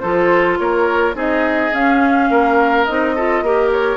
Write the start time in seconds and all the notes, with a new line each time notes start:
0.00 F3 F4 A4 C5
0.59 A#3 A#4 C#5
1.15 C4 D#4 G#4 D#5
1.73 C#4 F5
2.30 A#3 A#4
2.85 C4 D#4 D#5
3.16 F4 A4
3.42 A#3 G4 A#4
3.72 C#5